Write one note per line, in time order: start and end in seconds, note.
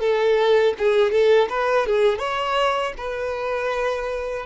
0.00 0.74 A4
0.78 1.11 G#4
1.11 1.48 A4
1.49 1.87 B4
1.87 2.19 G#4
2.19 2.93 C#5
2.98 4.46 B4